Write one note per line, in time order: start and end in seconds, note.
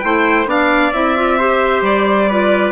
0.00 0.46 A3
0.00 0.47 E4
0.00 0.49 C5
0.00 0.45 G5
0.46 0.92 B3
0.46 0.92 D4
0.46 1.39 D5
0.46 0.93 F5
0.93 1.82 C4
0.93 1.16 E4
0.93 1.84 E5
1.16 1.39 F4
1.39 2.31 G4
1.39 2.30 C5
1.82 2.72 G3
1.82 2.72 D5
2.30 2.72 F4
2.30 2.72 B4